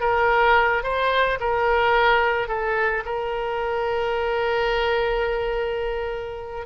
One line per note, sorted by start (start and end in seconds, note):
0.00 0.83 A#4
0.83 1.39 C5
1.40 2.48 A#4
2.48 3.03 A4
3.05 6.66 A#4